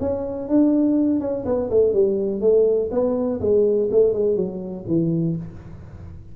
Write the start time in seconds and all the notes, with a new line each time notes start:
0.00 C#4
0.49 D4
1.20 C#4
1.45 B3
1.70 A3
1.93 G3
2.41 A3
2.91 B3
3.40 G#3
3.91 A3
4.13 G#3
4.36 F#3
4.87 E3